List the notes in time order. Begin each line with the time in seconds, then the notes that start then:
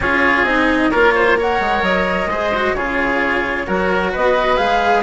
0.00 C#4 F4 G#4 C#5
0.43 C4 D#4 D#5
0.90 A#3 F4 A#4 C#5
1.15 C5
1.37 A#4 C#5 F#5
1.60 G#3
1.82 F#3 D#5
2.26 G#3 G#4 C5
2.54 F#4
2.74 C#3 F4 G#4 C#5
3.66 F#3 F#4 A#4
4.12 B3 B4 D#5
4.56 G#3 G#4 F5